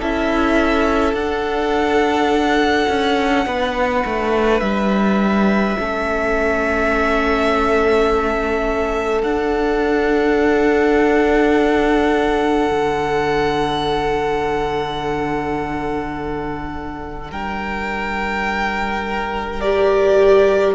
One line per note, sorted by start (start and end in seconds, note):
0.00 1.13 C#4
0.00 1.16 E4
0.00 3.46 A4
0.00 1.14 E5
1.13 2.87 D4
1.13 5.77 D4
1.13 4.60 F#5
2.89 3.46 C#4
3.46 4.04 B3
3.46 5.78 B4
4.05 4.61 A3
4.60 5.76 G3
4.60 9.21 E5
5.77 9.23 A3
5.77 9.23 C#4
5.77 17.31 A4
9.23 19.61 D4
9.23 12.69 D4
9.23 17.31 F#5
12.71 17.32 D3
17.31 20.75 G3
17.31 20.75 A#4
17.31 19.61 G5
19.61 20.75 G4
19.61 20.75 D5